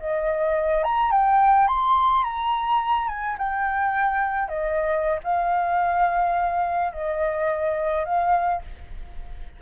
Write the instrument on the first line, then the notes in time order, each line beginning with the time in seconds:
flute
0.00 D#5
0.84 A#5
1.11 G5
1.68 C6
2.24 A#5
3.08 G#5
3.38 G5
4.49 D#5
5.24 F5
6.93 D#5
8.05 F5